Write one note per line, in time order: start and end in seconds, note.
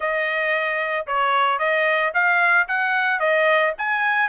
0.00 1.06 D#5
1.06 1.58 C#5
1.58 2.12 D#5
2.14 2.67 F5
2.68 3.19 F#5
3.19 3.73 D#5
3.78 4.28 G#5